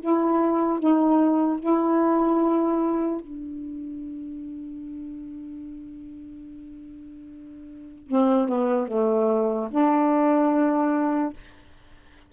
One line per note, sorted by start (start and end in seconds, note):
0.00 0.79 E4
0.79 1.60 D#4
1.60 3.21 E4
3.21 8.07 D4
8.07 8.48 C4
8.48 8.87 B3
8.87 9.68 A3
9.70 11.33 D4